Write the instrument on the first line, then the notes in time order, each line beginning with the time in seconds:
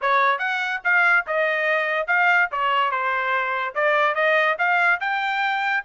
trumpet
0.01 C#5
0.39 F#5
0.84 F5
1.27 D#5
2.07 F5
2.51 C#5
2.91 C5
3.75 D5
4.14 D#5
4.58 F5
5.00 G5